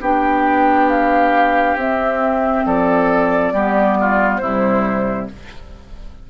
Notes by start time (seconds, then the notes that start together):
0.00 B3 D4 G4 G5
0.89 F5
1.75 C4 E5
2.65 F3 A4 D5
3.52 G3 B3 G4
4.00 F4
4.37 C3 G3 E4 C5